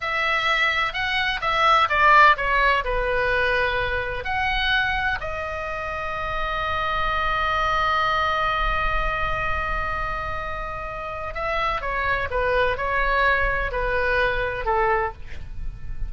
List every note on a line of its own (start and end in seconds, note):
0.01 0.93 E5
0.93 1.40 F#5
1.41 1.88 E5
1.89 2.36 D5
2.36 2.83 C#5
2.84 4.24 B4
4.24 5.18 F#5
5.20 11.34 D#5
11.34 11.81 E5
11.81 12.28 C#5
12.30 12.77 B4
12.77 13.71 C#5
13.71 14.65 B4
14.65 15.12 A4